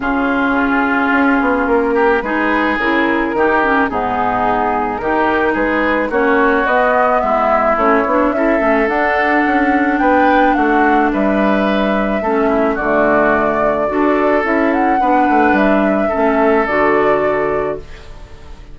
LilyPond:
<<
  \new Staff \with { instrumentName = "flute" } { \time 4/4 \tempo 4 = 108 gis'2. ais'4 | b'4 ais'2 gis'4~ | gis'4 ais'4 b'4 cis''4 | dis''4 e''4 cis''4 e''4 |
fis''2 g''4 fis''4 | e''2. d''4~ | d''2 e''8 fis''4. | e''2 d''2 | }
  \new Staff \with { instrumentName = "oboe" } { \time 4/4 f'2.~ f'8 g'8 | gis'2 g'4 dis'4~ | dis'4 g'4 gis'4 fis'4~ | fis'4 e'2 a'4~ |
a'2 b'4 fis'4 | b'2 a'8 e'8 fis'4~ | fis'4 a'2 b'4~ | b'4 a'2. | }
  \new Staff \with { instrumentName = "clarinet" } { \time 4/4 cis'1 | dis'4 e'4 dis'8 cis'8 b4~ | b4 dis'2 cis'4 | b2 cis'8 d'8 e'8 cis'8 |
d'1~ | d'2 cis'4 a4~ | a4 fis'4 e'4 d'4~ | d'4 cis'4 fis'2 | }
  \new Staff \with { instrumentName = "bassoon" } { \time 4/4 cis2 cis'8 b8 ais4 | gis4 cis4 dis4 gis,4~ | gis,4 dis4 gis4 ais4 | b4 gis4 a8 b8 cis'8 a8 |
d'4 cis'4 b4 a4 | g2 a4 d4~ | d4 d'4 cis'4 b8 a8 | g4 a4 d2 | }
>>